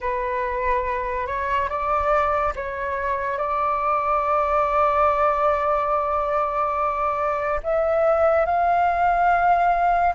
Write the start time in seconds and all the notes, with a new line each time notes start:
0.00 B4
1.26 C#5
1.69 D5
2.55 C#5
3.38 D5
7.63 E5
8.45 F5